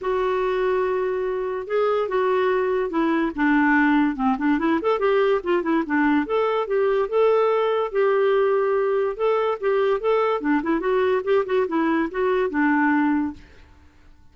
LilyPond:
\new Staff \with { instrumentName = "clarinet" } { \time 4/4 \tempo 4 = 144 fis'1 | gis'4 fis'2 e'4 | d'2 c'8 d'8 e'8 a'8 | g'4 f'8 e'8 d'4 a'4 |
g'4 a'2 g'4~ | g'2 a'4 g'4 | a'4 d'8 e'8 fis'4 g'8 fis'8 | e'4 fis'4 d'2 | }